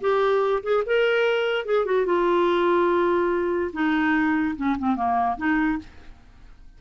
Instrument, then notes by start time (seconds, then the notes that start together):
clarinet
0.00 G4
0.62 G#4
0.86 A#4
1.65 G#4
1.85 F#4
2.06 F4
3.72 D#4
4.56 C#4
4.78 C4
4.95 A#3
5.37 D#4